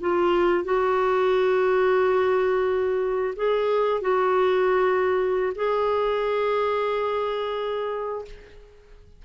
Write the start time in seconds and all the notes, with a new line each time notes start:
0.00 F4
0.64 F#4
3.36 G#4
4.01 F#4
5.55 G#4